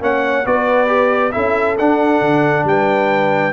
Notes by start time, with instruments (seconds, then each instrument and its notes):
0.00 tuba A#3, trombone C#4, horn C#5, trumpet F#5
0.45 tuba B3, trombone F#4, horn B4, trumpet D5
0.87 trombone G4
1.32 tuba C#4, trombone E4, horn A4, trumpet E5
1.78 tuba D4, trombone D4, trumpet F#5
2.21 tuba D3
2.64 tuba G3, horn B4, trumpet G5